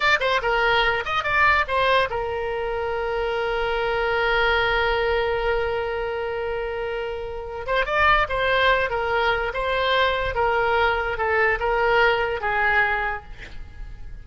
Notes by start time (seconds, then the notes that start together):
0.00 D5
0.20 C5
0.42 A#4
1.05 D#5
1.23 D5
1.67 C5
2.10 A#4
7.66 C5
7.85 D5
8.29 C5
8.90 A#4
9.53 C5
10.34 A#4
11.17 A4
11.59 A#4
12.40 G#4